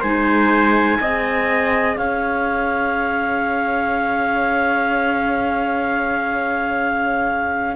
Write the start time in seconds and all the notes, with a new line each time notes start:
0.00 G#3 D#4 C5 G#5
1.00 C4 G#4 D#5
1.97 C#4 C#5 F5